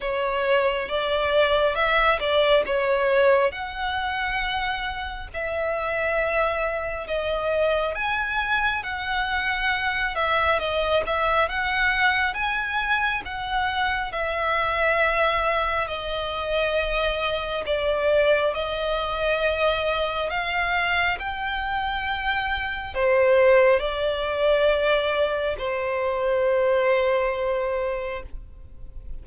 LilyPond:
\new Staff \with { instrumentName = "violin" } { \time 4/4 \tempo 4 = 68 cis''4 d''4 e''8 d''8 cis''4 | fis''2 e''2 | dis''4 gis''4 fis''4. e''8 | dis''8 e''8 fis''4 gis''4 fis''4 |
e''2 dis''2 | d''4 dis''2 f''4 | g''2 c''4 d''4~ | d''4 c''2. | }